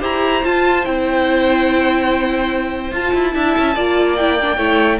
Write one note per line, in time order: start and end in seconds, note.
0.00 0.44 E4
0.00 0.42 G4
0.00 3.33 C5
0.00 0.45 A#5
0.45 0.85 F4
0.45 0.87 F4
0.45 0.86 A5
0.85 2.92 C4
0.85 2.93 E4
0.85 2.94 G5
2.92 3.13 F4
2.92 3.33 F4
2.92 4.16 A5
3.14 3.35 E4
3.33 3.56 D4
3.33 3.75 E4
3.33 3.76 E5
3.59 3.76 C#4
3.76 4.58 A#3
3.76 4.19 F4
3.76 4.58 D5
4.16 4.40 E4
4.16 5.00 G5
4.41 4.58 D4
4.58 4.99 A3
4.58 5.00 E4
4.58 4.99 C#5